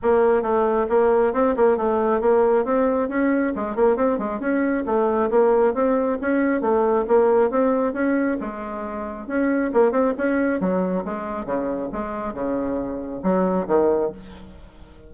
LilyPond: \new Staff \with { instrumentName = "bassoon" } { \time 4/4 \tempo 4 = 136 ais4 a4 ais4 c'8 ais8 | a4 ais4 c'4 cis'4 | gis8 ais8 c'8 gis8 cis'4 a4 | ais4 c'4 cis'4 a4 |
ais4 c'4 cis'4 gis4~ | gis4 cis'4 ais8 c'8 cis'4 | fis4 gis4 cis4 gis4 | cis2 fis4 dis4 | }